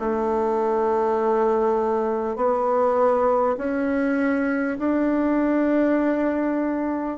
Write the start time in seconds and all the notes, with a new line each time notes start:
0.00 A3
2.36 B3
3.58 C#4
4.79 D4